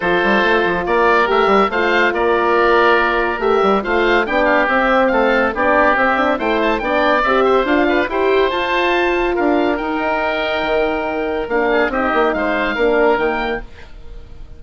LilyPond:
<<
  \new Staff \with { instrumentName = "oboe" } { \time 4/4 \tempo 4 = 141 c''2 d''4 e''4 | f''4 d''2. | e''4 f''4 g''8 f''8 e''4 | f''4 d''4 e''4 g''8 a''8 |
g''4 e''4 f''4 g''4 | a''2 f''4 g''4~ | g''2. f''4 | dis''4 f''2 g''4 | }
  \new Staff \with { instrumentName = "oboe" } { \time 4/4 a'2 ais'2 | c''4 ais'2.~ | ais'4 c''4 g'2 | a'4 g'2 c''4 |
d''4. c''4 b'8 c''4~ | c''2 ais'2~ | ais'2.~ ais'8 gis'8 | g'4 c''4 ais'2 | }
  \new Staff \with { instrumentName = "horn" } { \time 4/4 f'2. g'4 | f'1 | g'4 f'4 d'4 c'4~ | c'4 d'4 c'8 d'8 e'4 |
d'4 g'4 f'4 g'4 | f'2. dis'4~ | dis'2. d'4 | dis'2 d'4 ais4 | }
  \new Staff \with { instrumentName = "bassoon" } { \time 4/4 f8 g8 a8 f8 ais4 a8 g8 | a4 ais2. | a8 g8 a4 b4 c'4 | a4 b4 c'4 a4 |
b4 c'4 d'4 e'4 | f'2 d'4 dis'4~ | dis'4 dis2 ais4 | c'8 ais8 gis4 ais4 dis4 | }
>>